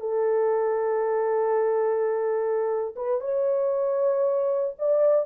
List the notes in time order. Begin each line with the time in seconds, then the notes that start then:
0.00 A4
2.96 B4
3.21 C#5
4.79 D5